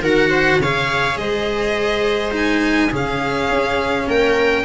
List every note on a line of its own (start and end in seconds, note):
0.00 0.58 D#3
0.00 0.62 F#4
0.00 0.30 A#4
0.00 0.62 F#5
0.30 0.59 C5
0.59 1.17 C#3
0.59 2.32 G#4
0.59 1.19 C#5
0.59 1.18 F5
1.17 2.90 G#3
1.17 2.91 C5
1.17 2.33 D#5
2.32 2.89 D#4
2.32 2.93 G#5
2.91 3.50 C#3
2.91 4.65 C#4
2.91 4.06 G#4
2.91 4.09 F5
3.50 4.07 C#4
4.08 4.65 A#3
4.08 4.65 A#4
4.08 4.65 G5